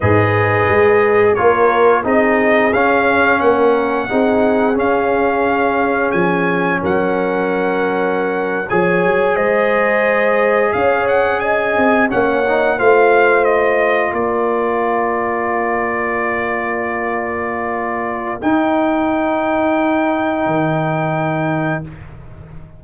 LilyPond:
<<
  \new Staff \with { instrumentName = "trumpet" } { \time 4/4 \tempo 4 = 88 dis''2 cis''4 dis''4 | f''4 fis''2 f''4~ | f''4 gis''4 fis''2~ | fis''8. gis''4 dis''2 f''16~ |
f''16 fis''8 gis''4 fis''4 f''4 dis''16~ | dis''8. d''2.~ d''16~ | d''2. g''4~ | g''1 | }
  \new Staff \with { instrumentName = "horn" } { \time 4/4 b'2 ais'4 gis'4~ | gis'4 ais'4 gis'2~ | gis'2 ais'2~ | ais'8. cis''4 c''2 cis''16~ |
cis''8. dis''4 cis''4 c''4~ c''16~ | c''8. ais'2.~ ais'16~ | ais'1~ | ais'1 | }
  \new Staff \with { instrumentName = "trombone" } { \time 4/4 gis'2 f'4 dis'4 | cis'2 dis'4 cis'4~ | cis'1~ | cis'8. gis'2.~ gis'16~ |
gis'4.~ gis'16 cis'8 dis'8 f'4~ f'16~ | f'1~ | f'2. dis'4~ | dis'1 | }
  \new Staff \with { instrumentName = "tuba" } { \time 4/4 gis,4 gis4 ais4 c'4 | cis'4 ais4 c'4 cis'4~ | cis'4 f4 fis2~ | fis8. f8 fis8 gis2 cis'16~ |
cis'4~ cis'16 c'8 ais4 a4~ a16~ | a8. ais2.~ ais16~ | ais2. dis'4~ | dis'2 dis2 | }
>>